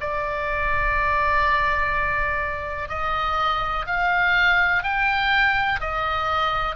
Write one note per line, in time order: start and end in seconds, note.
0.00 2.89 D5
2.89 3.85 D#5
3.86 4.83 F5
4.83 5.80 G5
5.80 6.76 D#5